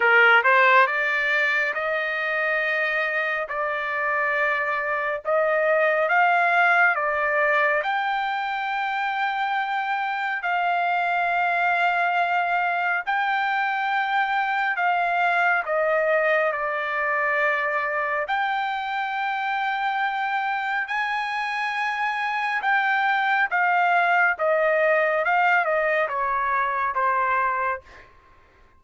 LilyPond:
\new Staff \with { instrumentName = "trumpet" } { \time 4/4 \tempo 4 = 69 ais'8 c''8 d''4 dis''2 | d''2 dis''4 f''4 | d''4 g''2. | f''2. g''4~ |
g''4 f''4 dis''4 d''4~ | d''4 g''2. | gis''2 g''4 f''4 | dis''4 f''8 dis''8 cis''4 c''4 | }